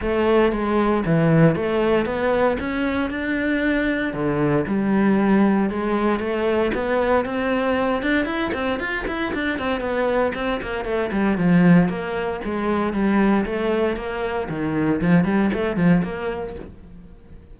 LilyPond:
\new Staff \with { instrumentName = "cello" } { \time 4/4 \tempo 4 = 116 a4 gis4 e4 a4 | b4 cis'4 d'2 | d4 g2 gis4 | a4 b4 c'4. d'8 |
e'8 c'8 f'8 e'8 d'8 c'8 b4 | c'8 ais8 a8 g8 f4 ais4 | gis4 g4 a4 ais4 | dis4 f8 g8 a8 f8 ais4 | }